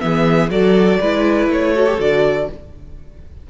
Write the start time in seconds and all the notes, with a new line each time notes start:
0.00 E3 B3 G#4 E5
0.50 F#3 F#4 A4 D5
1.00 G#3 E4 B4
1.49 A3 C#5
1.75 F#4 A4
1.87 G4
1.99 D3 F#4 D5